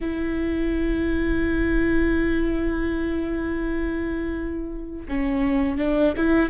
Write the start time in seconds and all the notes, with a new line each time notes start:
0.00 E4
5.08 C#4
5.77 D4
6.16 E4